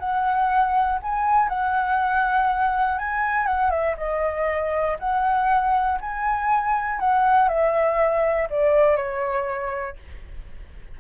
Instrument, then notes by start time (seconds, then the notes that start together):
flute
0.00 F#5
1.02 G#5
1.49 F#5
2.99 G#5
3.46 F#5
3.71 E5
3.97 D#5
5.00 F#5
6.01 G#5
7.00 F#5
7.49 E5
8.50 D5
8.97 C#5